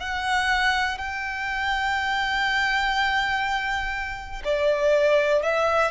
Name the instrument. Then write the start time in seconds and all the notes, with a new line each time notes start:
violin
0.00 F#5
0.98 G5
4.44 D5
5.43 E5